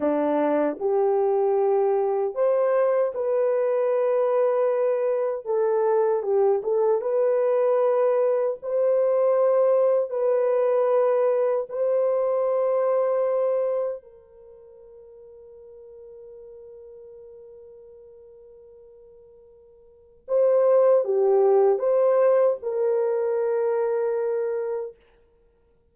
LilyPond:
\new Staff \with { instrumentName = "horn" } { \time 4/4 \tempo 4 = 77 d'4 g'2 c''4 | b'2. a'4 | g'8 a'8 b'2 c''4~ | c''4 b'2 c''4~ |
c''2 ais'2~ | ais'1~ | ais'2 c''4 g'4 | c''4 ais'2. | }